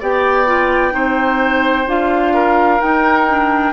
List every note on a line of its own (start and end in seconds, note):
0.00 0.94 B3
0.00 0.46 G4
0.00 0.94 D5
0.00 1.89 G5
0.46 0.91 F4
0.91 1.87 C4
0.91 1.85 D#4
0.91 2.34 C5
1.87 2.80 D4
1.87 2.80 F4
1.87 2.81 F5
2.34 3.73 A#4
2.80 3.27 D#4
2.80 3.73 D#4
2.80 3.73 G5
3.29 3.73 D4